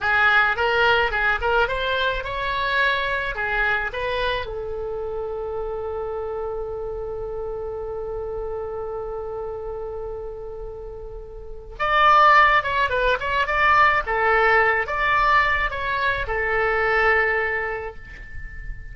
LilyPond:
\new Staff \with { instrumentName = "oboe" } { \time 4/4 \tempo 4 = 107 gis'4 ais'4 gis'8 ais'8 c''4 | cis''2 gis'4 b'4 | a'1~ | a'1~ |
a'1~ | a'4 d''4. cis''8 b'8 cis''8 | d''4 a'4. d''4. | cis''4 a'2. | }